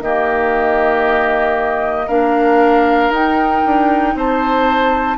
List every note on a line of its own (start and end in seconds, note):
0.00 2.07 D#3
0.00 2.09 A#3
0.00 2.06 G4
0.00 2.08 D#5
2.06 3.09 A#3
2.06 3.12 D4
2.06 4.13 A#4
2.06 3.11 F5
3.09 3.61 D#4
3.09 5.17 D#4
3.09 4.17 G5
3.65 4.14 D4
4.14 5.17 C4
4.14 5.17 C5
4.14 5.17 A5